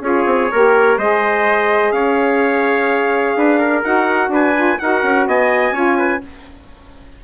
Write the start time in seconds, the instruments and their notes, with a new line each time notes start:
0.00 bassoon C#4, saxophone F4, trumpet G#4 C#5
0.26 bassoon C4
0.52 bassoon A#3, saxophone G4, trumpet A#4
0.97 bassoon G#3, saxophone G#4, trumpet C5 D#5
1.92 bassoon C#4, trumpet C#5 F5
3.36 bassoon D4, trumpet B4
3.59 trumpet A#4
3.83 bassoon D#4, saxophone F#4, trumpet F#5
4.29 bassoon D4, trumpet B4 G#5
4.55 saxophone F4
4.79 bassoon D#4, saxophone F#4, trumpet A#4 F#5
5.03 bassoon C#4
5.27 bassoon B3, trumpet D#5 G#5
5.71 bassoon C#4, saxophone F4, trumpet C#5
5.98 trumpet B4